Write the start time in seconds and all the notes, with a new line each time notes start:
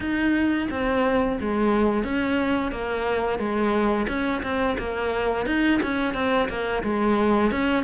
0.00 D#4
0.70 C4
1.40 G#3
2.04 C#4
2.71 A#3
3.38 G#3
4.08 C#4
4.43 C4
4.78 A#3
5.46 D#4
5.82 C#4
6.14 C4
6.48 A#3
6.83 G#3
7.51 C#4